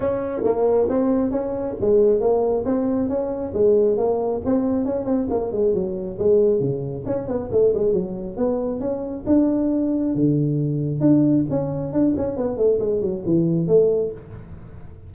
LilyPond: \new Staff \with { instrumentName = "tuba" } { \time 4/4 \tempo 4 = 136 cis'4 ais4 c'4 cis'4 | gis4 ais4 c'4 cis'4 | gis4 ais4 c'4 cis'8 c'8 | ais8 gis8 fis4 gis4 cis4 |
cis'8 b8 a8 gis8 fis4 b4 | cis'4 d'2 d4~ | d4 d'4 cis'4 d'8 cis'8 | b8 a8 gis8 fis8 e4 a4 | }